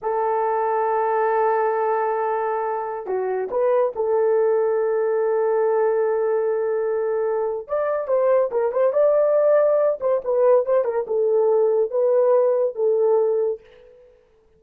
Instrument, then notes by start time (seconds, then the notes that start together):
horn
0.01 A4
3.06 F#4
3.50 B4
3.95 A4
7.67 D5
8.07 C5
8.51 A#4
8.72 C5
8.92 D5
10.00 C5
10.24 B4
10.65 C5
10.84 A#4
11.07 A4
11.91 B4
12.75 A4